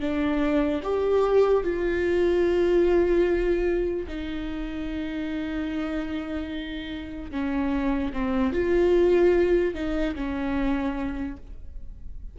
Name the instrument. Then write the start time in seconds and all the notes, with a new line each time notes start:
viola
0.00 D4
0.83 G4
1.64 F4
4.08 D#4
7.31 C#4
8.13 C4
8.53 F4
9.74 D#4
10.15 C#4